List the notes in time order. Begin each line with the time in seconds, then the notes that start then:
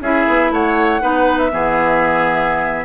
0.00 C#4 E4 G#4 E5
0.27 B3
0.51 A3 C#5 F#5
1.00 B3 D#4 B4
1.38 E5
1.51 E3 B3 G#4